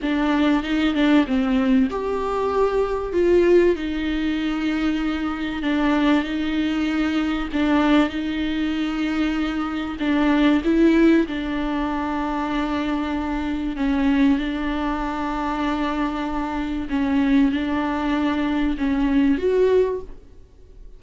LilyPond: \new Staff \with { instrumentName = "viola" } { \time 4/4 \tempo 4 = 96 d'4 dis'8 d'8 c'4 g'4~ | g'4 f'4 dis'2~ | dis'4 d'4 dis'2 | d'4 dis'2. |
d'4 e'4 d'2~ | d'2 cis'4 d'4~ | d'2. cis'4 | d'2 cis'4 fis'4 | }